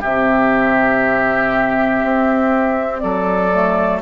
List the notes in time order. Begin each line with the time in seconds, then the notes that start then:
0.00 C3 C4 G4 E5
2.03 C4
2.99 F#3 A4 D5
3.52 A3